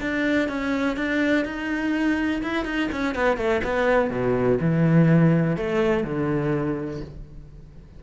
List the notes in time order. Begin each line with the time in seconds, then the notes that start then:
0.00 D4
0.48 C#4
0.96 D4
1.45 D#4
2.42 E4
2.65 D#4
2.91 C#4
3.15 B3
3.37 A3
3.63 B3
4.10 B2
4.60 E3
5.56 A3
6.04 D3